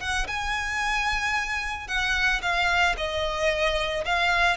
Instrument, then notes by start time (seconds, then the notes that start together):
violin
0.00 F#5
0.27 G#5
1.88 F#5
2.42 F5
2.97 D#5
4.05 F5